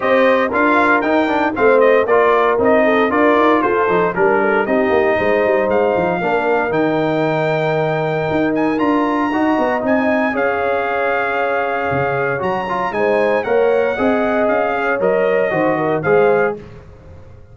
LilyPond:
<<
  \new Staff \with { instrumentName = "trumpet" } { \time 4/4 \tempo 4 = 116 dis''4 f''4 g''4 f''8 dis''8 | d''4 dis''4 d''4 c''4 | ais'4 dis''2 f''4~ | f''4 g''2.~ |
g''8 gis''8 ais''2 gis''4 | f''1 | ais''4 gis''4 fis''2 | f''4 dis''2 f''4 | }
  \new Staff \with { instrumentName = "horn" } { \time 4/4 c''4 ais'2 c''4 | ais'4. a'8 ais'4 a'4 | ais'8 a'8 g'4 c''2 | ais'1~ |
ais'2 dis''2 | cis''1~ | cis''4 c''4 cis''4 dis''4~ | dis''8 cis''4. c''8 ais'8 c''4 | }
  \new Staff \with { instrumentName = "trombone" } { \time 4/4 g'4 f'4 dis'8 d'8 c'4 | f'4 dis'4 f'4. dis'8 | d'4 dis'2. | d'4 dis'2.~ |
dis'4 f'4 fis'4 dis'4 | gis'1 | fis'8 f'8 dis'4 ais'4 gis'4~ | gis'4 ais'4 fis'4 gis'4 | }
  \new Staff \with { instrumentName = "tuba" } { \time 4/4 c'4 d'4 dis'4 a4 | ais4 c'4 d'8 dis'8 f'8 f8 | g4 c'8 ais8 gis8 g8 gis8 f8 | ais4 dis2. |
dis'4 d'4 dis'8 b8 c'4 | cis'2. cis4 | fis4 gis4 ais4 c'4 | cis'4 fis4 dis4 gis4 | }
>>